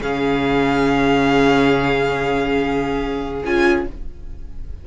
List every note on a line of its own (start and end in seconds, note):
0.00 3.42 C#3
0.00 3.41 C#4
0.00 3.84 G#4
0.00 3.44 F5
3.45 3.87 C#4
3.45 3.87 F4
3.45 3.87 G#5